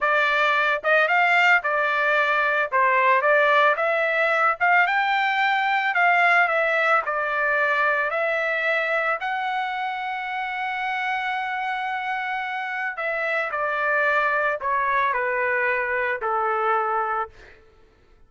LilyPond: \new Staff \with { instrumentName = "trumpet" } { \time 4/4 \tempo 4 = 111 d''4. dis''8 f''4 d''4~ | d''4 c''4 d''4 e''4~ | e''8 f''8 g''2 f''4 | e''4 d''2 e''4~ |
e''4 fis''2.~ | fis''1 | e''4 d''2 cis''4 | b'2 a'2 | }